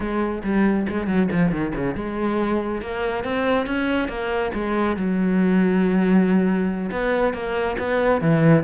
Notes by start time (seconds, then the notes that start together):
0.00 G#3
0.43 G3
0.88 G#3
1.07 F#3
1.31 F3
1.51 D#3
1.75 C#3
1.95 G#3
2.81 A#3
3.24 C4
3.66 C#4
4.08 A#3
4.54 G#3
4.96 F#3
6.91 B3
7.33 A#3
7.78 B3
8.21 E3